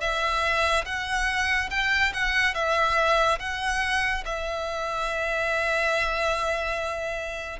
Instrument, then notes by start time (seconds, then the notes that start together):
violin
0.00 E5
0.85 F#5
1.70 G5
2.14 F#5
2.54 E5
3.39 F#5
4.25 E5